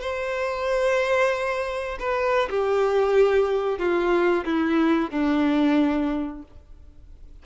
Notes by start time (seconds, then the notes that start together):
0.00 C5
1.99 B4
2.49 G4
3.78 F4
4.44 E4
5.10 D4